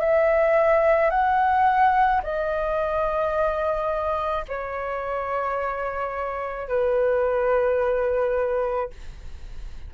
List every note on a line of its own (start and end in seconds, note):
0.00 1.10 E5
1.10 2.21 F#5
2.23 4.45 D#5
4.48 6.68 C#5
6.68 8.90 B4